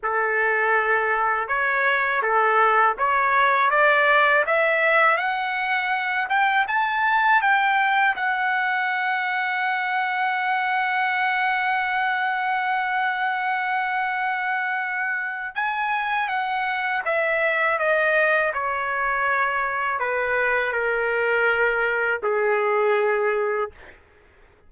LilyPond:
\new Staff \with { instrumentName = "trumpet" } { \time 4/4 \tempo 4 = 81 a'2 cis''4 a'4 | cis''4 d''4 e''4 fis''4~ | fis''8 g''8 a''4 g''4 fis''4~ | fis''1~ |
fis''1~ | fis''4 gis''4 fis''4 e''4 | dis''4 cis''2 b'4 | ais'2 gis'2 | }